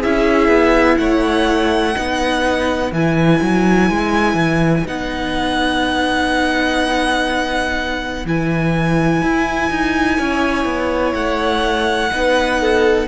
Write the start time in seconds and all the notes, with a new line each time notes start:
0.00 C#4 E4 G#4 E5
0.48 B3
0.98 A3 C#5 F#5
1.95 B3 D#4 B4
2.93 E3 E4 G#5
3.42 F#3
3.91 G#3
4.35 E3
4.86 B3 D#4 F#5
8.26 E3 E4 G#5
9.22 E4
9.71 D#4
10.18 C#4 C#5
10.65 B3
11.14 A3 F#5
12.11 B3 D#4 B4
12.61 A4